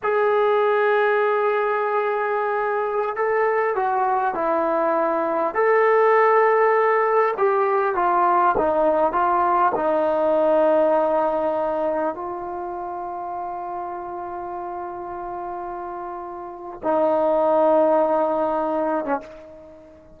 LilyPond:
\new Staff \with { instrumentName = "trombone" } { \time 4/4 \tempo 4 = 100 gis'1~ | gis'4~ gis'16 a'4 fis'4 e'8.~ | e'4~ e'16 a'2~ a'8.~ | a'16 g'4 f'4 dis'4 f'8.~ |
f'16 dis'2.~ dis'8.~ | dis'16 f'2.~ f'8.~ | f'1 | dis'2.~ dis'8. cis'16 | }